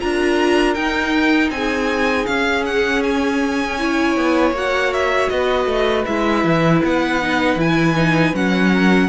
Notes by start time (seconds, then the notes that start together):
0.00 D4 F4 A#4 A#5
0.74 D#4 G5
1.50 C4 G#4 G#5
2.26 C#4 F5
2.65 F#5
3.03 G#5
3.79 E4 C#5
4.16 B3
4.51 A#3 F#4
4.57 F#5
4.93 E5
5.29 B3 B4 D#5
5.66 A3
6.05 G#3 E4 E5
6.44 E3
6.83 B3 F#5
7.22 D#4
7.56 E3 E4 G#5
7.96 D#4
8.33 F#3 C#4 F#5
8.72 A#4